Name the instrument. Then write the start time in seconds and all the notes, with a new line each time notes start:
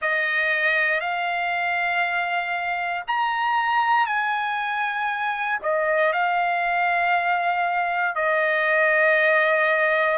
trumpet
0.01 D#5
1.00 F5
3.07 A#5
4.06 G#5
5.62 D#5
6.12 F5
8.15 D#5